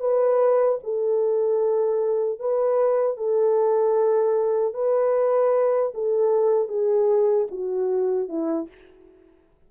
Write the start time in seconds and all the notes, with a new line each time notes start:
0.00 B4
0.83 A4
2.40 B4
3.17 A4
4.74 B4
5.94 A4
6.69 G#4
7.51 F#4
8.29 E4